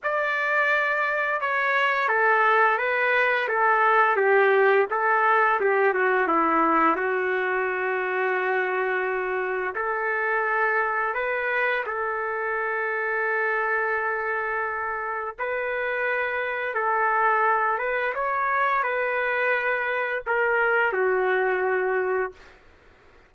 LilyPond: \new Staff \with { instrumentName = "trumpet" } { \time 4/4 \tempo 4 = 86 d''2 cis''4 a'4 | b'4 a'4 g'4 a'4 | g'8 fis'8 e'4 fis'2~ | fis'2 a'2 |
b'4 a'2.~ | a'2 b'2 | a'4. b'8 cis''4 b'4~ | b'4 ais'4 fis'2 | }